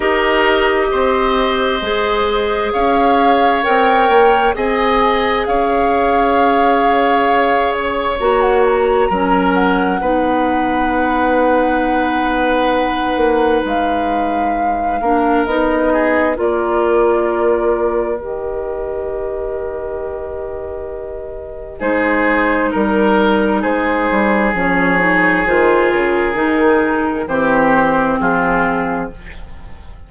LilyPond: <<
  \new Staff \with { instrumentName = "flute" } { \time 4/4 \tempo 4 = 66 dis''2. f''4 | g''4 gis''4 f''2~ | f''8 cis''8 ais''16 fis''16 ais''4 fis''4.~ | fis''2. f''4~ |
f''4 dis''4 d''2 | dis''1 | c''4 ais'4 c''4 cis''4 | c''8 ais'4. c''4 gis'4 | }
  \new Staff \with { instrumentName = "oboe" } { \time 4/4 ais'4 c''2 cis''4~ | cis''4 dis''4 cis''2~ | cis''2 ais'4 b'4~ | b'1~ |
b'8 ais'4 gis'8 ais'2~ | ais'1 | gis'4 ais'4 gis'2~ | gis'2 g'4 f'4 | }
  \new Staff \with { instrumentName = "clarinet" } { \time 4/4 g'2 gis'2 | ais'4 gis'2.~ | gis'4 fis'4 cis'4 dis'4~ | dis'1~ |
dis'8 d'8 dis'4 f'2 | g'1 | dis'2. cis'8 dis'8 | f'4 dis'4 c'2 | }
  \new Staff \with { instrumentName = "bassoon" } { \time 4/4 dis'4 c'4 gis4 cis'4 | c'8 ais8 c'4 cis'2~ | cis'4 ais4 fis4 b4~ | b2~ b8 ais8 gis4~ |
gis8 ais8 b4 ais2 | dis1 | gis4 g4 gis8 g8 f4 | dis8 cis8 dis4 e4 f4 | }
>>